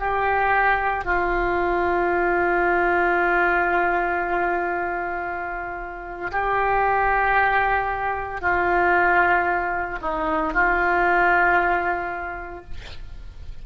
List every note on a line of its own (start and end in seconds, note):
0.00 1.05 G4
1.05 6.31 F4
6.32 8.41 G4
8.41 9.99 F4
10.02 10.54 D#4
10.54 12.64 F4